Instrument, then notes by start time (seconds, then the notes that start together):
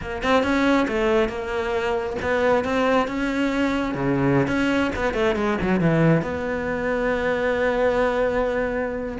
cello
0.01 A#3
0.22 C4
0.43 C#4
0.88 A3
1.28 A#3
2.22 B3
2.64 C4
3.07 C#4
3.94 C#3
4.47 C#4
4.95 B3
5.13 A3
5.35 G#3
5.61 F#3
5.80 E3
6.22 B3